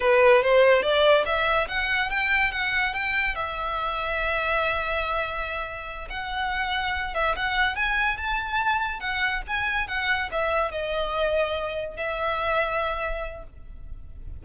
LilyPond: \new Staff \with { instrumentName = "violin" } { \time 4/4 \tempo 4 = 143 b'4 c''4 d''4 e''4 | fis''4 g''4 fis''4 g''4 | e''1~ | e''2~ e''8 fis''4.~ |
fis''4 e''8 fis''4 gis''4 a''8~ | a''4. fis''4 gis''4 fis''8~ | fis''8 e''4 dis''2~ dis''8~ | dis''8 e''2.~ e''8 | }